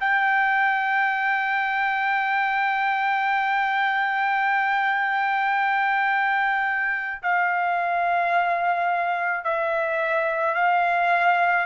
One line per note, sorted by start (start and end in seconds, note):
0.00 7.22 G5
7.22 9.44 F5
9.44 10.54 E5
10.54 11.65 F5